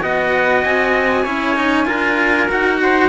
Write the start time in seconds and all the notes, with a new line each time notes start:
0.00 B3 F#4 D#5 F#5
0.64 C4 G#5
1.24 C#4 E4 C#5
1.56 D#4
1.85 D4 F4 A#4
2.48 D#4 F#4 F#5
2.82 C5